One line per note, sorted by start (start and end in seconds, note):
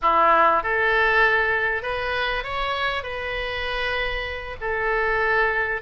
0.01 0.63 E4
0.63 1.82 A4
1.82 2.43 B4
2.43 3.03 C#5
3.03 4.56 B4
4.60 5.81 A4